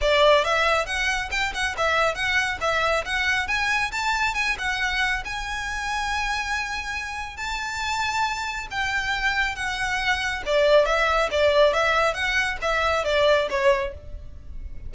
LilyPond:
\new Staff \with { instrumentName = "violin" } { \time 4/4 \tempo 4 = 138 d''4 e''4 fis''4 g''8 fis''8 | e''4 fis''4 e''4 fis''4 | gis''4 a''4 gis''8 fis''4. | gis''1~ |
gis''4 a''2. | g''2 fis''2 | d''4 e''4 d''4 e''4 | fis''4 e''4 d''4 cis''4 | }